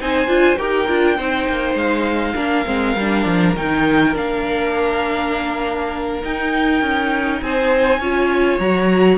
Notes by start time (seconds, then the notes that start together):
0.00 C4 D#4 C5 G#5
0.28 D4 F4
0.57 D#4 G4 A#4 G5
0.89 D4 F4
1.17 C4 D#4 C5
1.49 A#3
1.75 G#3 F5
2.35 A#3 D4 A#4
2.65 G#3 C4
2.96 G3 D4
3.26 F3
3.56 D#3 D#4 G5
4.15 A#3 D4 F5
6.23 D#4 G5
6.82 C#4
7.42 C4 C5 G#5
8.00 C#4 F4 C#5
8.60 F#3 F#4 A#5